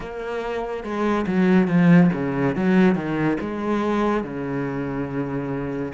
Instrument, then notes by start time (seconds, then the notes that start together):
cello
0.00 A#3
0.83 G#3
1.26 F#3
1.67 F3
2.13 C#3
2.55 F#3
2.95 D#3
3.40 G#3
4.23 C#3